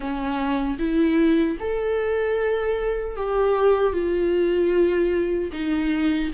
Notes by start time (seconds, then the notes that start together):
0.00 C#4
0.78 E4
1.59 A4
3.16 G4
3.93 F4
5.52 D#4